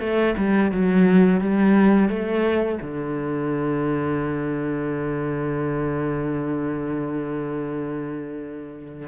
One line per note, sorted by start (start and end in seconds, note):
0.00 0.35 A3
0.37 0.72 G3
0.72 1.40 F#3
1.40 2.09 G3
2.09 2.79 A3
2.81 9.08 D3